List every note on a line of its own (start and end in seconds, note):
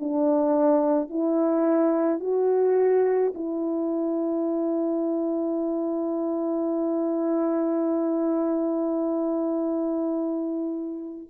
0.00 1.10 D4
1.10 2.20 E4
2.20 3.33 F#4
3.35 11.27 E4